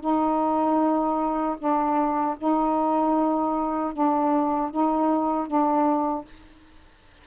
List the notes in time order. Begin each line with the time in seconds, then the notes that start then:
0.00 D#4
1.58 D4
2.37 D#4
3.93 D4
4.70 D#4
5.47 D4